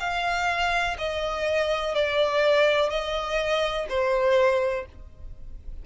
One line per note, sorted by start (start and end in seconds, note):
0.00 0.97 F5
0.98 1.95 D#5
1.95 2.90 D5
2.90 3.87 D#5
3.89 4.86 C5